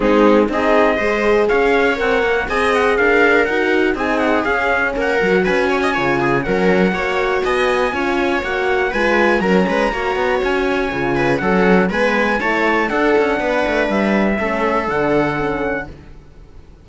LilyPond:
<<
  \new Staff \with { instrumentName = "trumpet" } { \time 4/4 \tempo 4 = 121 gis'4 dis''2 f''4 | fis''4 gis''8 fis''8 f''4 fis''4 | gis''8 fis''8 f''4 fis''4 gis''4~ | gis''4 fis''2 gis''4~ |
gis''4 fis''4 gis''4 ais''4~ | ais''4 gis''2 fis''4 | gis''4 a''4 fis''2 | e''2 fis''2 | }
  \new Staff \with { instrumentName = "viola" } { \time 4/4 dis'4 gis'4 c''4 cis''4~ | cis''4 dis''4 ais'2 | gis'2 ais'4 b'8 cis''16 dis''16 | cis''8 gis'8 ais'4 cis''4 dis''4 |
cis''2 b'4 ais'8 b'8 | cis''2~ cis''8 b'8 a'4 | b'4 cis''4 a'4 b'4~ | b'4 a'2. | }
  \new Staff \with { instrumentName = "horn" } { \time 4/4 c'4 dis'4 gis'2 | ais'4 gis'2 fis'4 | dis'4 cis'4. fis'4. | f'4 cis'4 fis'2 |
f'4 fis'4 f'4 cis'4 | fis'2 f'4 cis'4 | b4 e'4 d'2~ | d'4 cis'4 d'4 cis'4 | }
  \new Staff \with { instrumentName = "cello" } { \time 4/4 gis4 c'4 gis4 cis'4 | c'8 ais8 c'4 d'4 dis'4 | c'4 cis'4 ais8 fis8 cis'4 | cis4 fis4 ais4 b4 |
cis'4 ais4 gis4 fis8 gis8 | ais8 b8 cis'4 cis4 fis4 | gis4 a4 d'8 cis'8 b8 a8 | g4 a4 d2 | }
>>